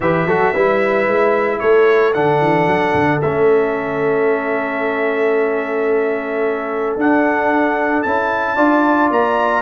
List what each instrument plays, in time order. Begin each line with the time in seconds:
0.00 tuba E3, trombone G4, horn B4, trumpet E5
0.26 tuba F#3, trombone F#4, horn A4
0.53 tuba G3, trombone E4, horn B4
1.07 tuba G#3
1.59 tuba A3, horn A4, trumpet C#5
2.13 tuba D3, trombone D4, trumpet F#5
2.41 tuba E3
2.67 tuba F#3
2.94 tuba D3
3.21 tuba A3, trombone C#4, trumpet E5
6.96 tuba D4, trombone D4, trumpet F#5
8.02 tuba C#4, trombone E4, trumpet A5
8.54 tuba D4, trombone F4, horn D5
9.10 tuba A#3, trumpet A#5